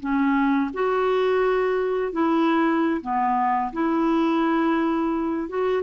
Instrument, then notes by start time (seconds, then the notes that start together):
clarinet
0.00 C#4
0.73 F#4
2.12 E4
3.01 B3
3.73 E4
5.48 F#4